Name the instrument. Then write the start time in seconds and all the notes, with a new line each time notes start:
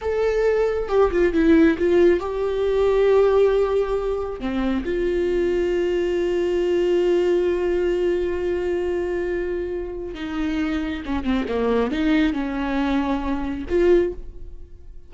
viola
0.01 A4
0.88 G4
1.11 F4
1.33 E4
1.78 F4
2.20 G4
4.39 C4
4.85 F4
10.14 D#4
11.05 C#4
11.24 C4
11.48 A#3
11.91 D#4
12.33 C#4
13.68 F4